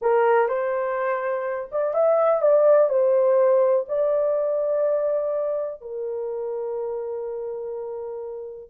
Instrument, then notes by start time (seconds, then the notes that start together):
horn
0.01 A#4
0.48 C5
1.71 D5
1.94 E5
2.41 D5
2.89 C5
3.88 D5
5.81 A#4